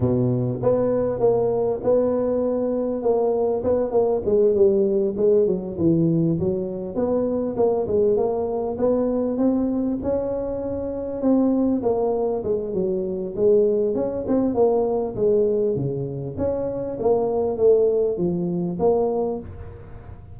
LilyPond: \new Staff \with { instrumentName = "tuba" } { \time 4/4 \tempo 4 = 99 b,4 b4 ais4 b4~ | b4 ais4 b8 ais8 gis8 g8~ | g8 gis8 fis8 e4 fis4 b8~ | b8 ais8 gis8 ais4 b4 c'8~ |
c'8 cis'2 c'4 ais8~ | ais8 gis8 fis4 gis4 cis'8 c'8 | ais4 gis4 cis4 cis'4 | ais4 a4 f4 ais4 | }